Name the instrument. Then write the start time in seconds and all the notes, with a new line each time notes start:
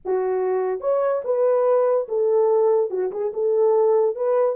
horn
0.05 F#4
0.80 C#5
1.24 B4
2.08 A4
2.90 F#4
3.11 G#4
3.33 A4
4.15 B4